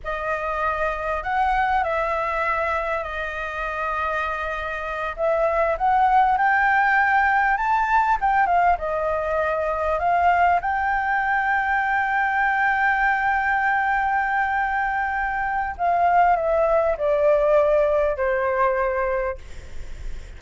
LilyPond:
\new Staff \with { instrumentName = "flute" } { \time 4/4 \tempo 4 = 99 dis''2 fis''4 e''4~ | e''4 dis''2.~ | dis''8 e''4 fis''4 g''4.~ | g''8 a''4 g''8 f''8 dis''4.~ |
dis''8 f''4 g''2~ g''8~ | g''1~ | g''2 f''4 e''4 | d''2 c''2 | }